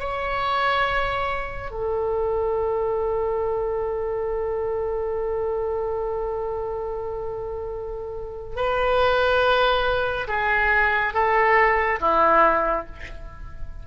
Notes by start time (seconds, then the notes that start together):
0.00 C#5
1.71 A4
8.56 B4
10.28 G#4
11.14 A4
12.01 E4